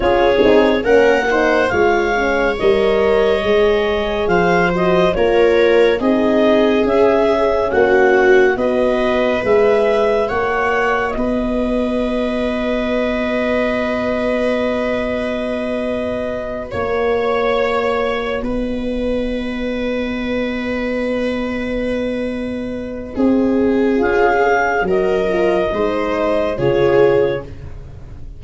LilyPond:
<<
  \new Staff \with { instrumentName = "clarinet" } { \time 4/4 \tempo 4 = 70 cis''4 fis''4 f''4 dis''4~ | dis''4 f''8 dis''8 cis''4 dis''4 | e''4 fis''4 dis''4 e''4 | fis''4 dis''2.~ |
dis''2.~ dis''8 cis''8~ | cis''4. dis''2~ dis''8~ | dis''1 | f''4 dis''2 cis''4 | }
  \new Staff \with { instrumentName = "viola" } { \time 4/4 gis'4 ais'8 c''8 cis''2~ | cis''4 c''4 ais'4 gis'4~ | gis'4 fis'4 b'2 | cis''4 b'2.~ |
b'2.~ b'8 cis''8~ | cis''4. b'2~ b'8~ | b'2. gis'4~ | gis'4 ais'4 c''4 gis'4 | }
  \new Staff \with { instrumentName = "horn" } { \time 4/4 f'8 dis'8 cis'8 dis'8 f'8 cis'8 ais'4 | gis'4. fis'8 f'4 dis'4 | cis'2 fis'4 gis'4 | fis'1~ |
fis'1~ | fis'1~ | fis'1 | f'8 gis'8 fis'8 f'8 dis'4 f'4 | }
  \new Staff \with { instrumentName = "tuba" } { \time 4/4 cis'8 c'8 ais4 gis4 g4 | gis4 f4 ais4 c'4 | cis'4 ais4 b4 gis4 | ais4 b2.~ |
b2.~ b8 ais8~ | ais4. b2~ b8~ | b2. c'4 | cis'4 fis4 gis4 cis4 | }
>>